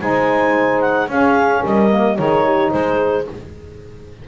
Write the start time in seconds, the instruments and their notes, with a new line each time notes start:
0.00 double bass G#3, saxophone D#4, horn C5, clarinet G#5
0.81 clarinet F#5
1.08 double bass C#4, saxophone C#4, horn G#4, clarinet F5
1.61 double bass G3, horn A#4, clarinet D#5
1.89 saxophone A#3
2.17 double bass D#3, saxophone D#4, horn G#4, clarinet C#5
2.44 horn G4
2.71 double bass G#3, horn G#4, clarinet C5